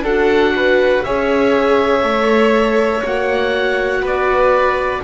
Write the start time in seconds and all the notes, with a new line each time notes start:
0.00 D4 F#4 A4 F#5
0.56 B4
1.03 C#4 G#4 C#5 E5
2.01 A3 A4
3.03 A#3 F#4 F#5
4.00 B3 B4 D5